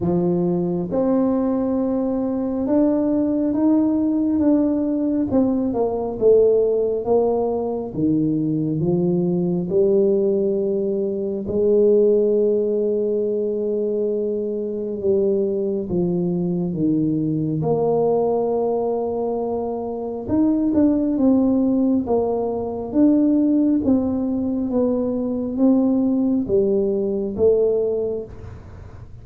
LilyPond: \new Staff \with { instrumentName = "tuba" } { \time 4/4 \tempo 4 = 68 f4 c'2 d'4 | dis'4 d'4 c'8 ais8 a4 | ais4 dis4 f4 g4~ | g4 gis2.~ |
gis4 g4 f4 dis4 | ais2. dis'8 d'8 | c'4 ais4 d'4 c'4 | b4 c'4 g4 a4 | }